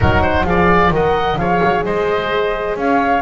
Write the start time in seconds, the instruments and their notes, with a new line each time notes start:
0.00 double bass F#3, horn D#4, oboe A#4, flute F#5
0.21 oboe C5
0.44 double bass F3, horn G#4, oboe D5, flute F5
0.90 double bass D#3, horn A#4, oboe D#5, flute F#5
1.37 double bass F3, horn G#4, oboe C#5, flute F5
1.63 double bass F#3
1.84 double bass G#3, oboe C5, flute D#5
2.76 double bass C#4, oboe C#5, flute F5